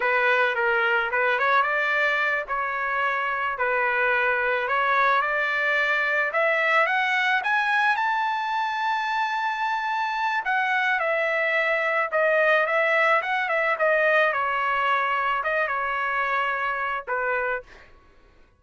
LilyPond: \new Staff \with { instrumentName = "trumpet" } { \time 4/4 \tempo 4 = 109 b'4 ais'4 b'8 cis''8 d''4~ | d''8 cis''2 b'4.~ | b'8 cis''4 d''2 e''8~ | e''8 fis''4 gis''4 a''4.~ |
a''2. fis''4 | e''2 dis''4 e''4 | fis''8 e''8 dis''4 cis''2 | dis''8 cis''2~ cis''8 b'4 | }